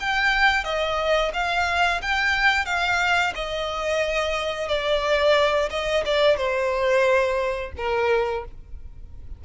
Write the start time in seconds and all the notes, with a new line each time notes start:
0.00 G5
0.64 D#5
1.34 F5
2.02 G5
2.66 F5
3.35 D#5
4.69 D5
5.70 D#5
6.06 D5
6.37 C5
7.77 A#4